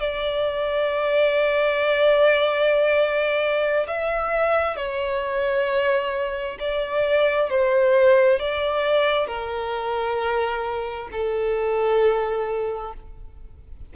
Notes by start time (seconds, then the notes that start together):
0.00 D5
3.87 E5
4.76 C#5
6.59 D5
7.50 C5
8.39 D5
9.27 A#4
11.12 A4